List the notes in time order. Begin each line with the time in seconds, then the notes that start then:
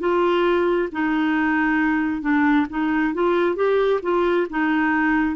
0.00 F4
0.92 D#4
2.22 D4
2.70 D#4
3.14 F4
3.56 G4
4.03 F4
4.51 D#4